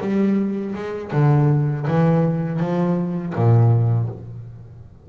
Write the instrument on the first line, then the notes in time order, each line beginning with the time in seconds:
double bass
0.00 G3
0.74 G#3
1.12 D3
1.87 E3
2.59 F3
3.35 A#2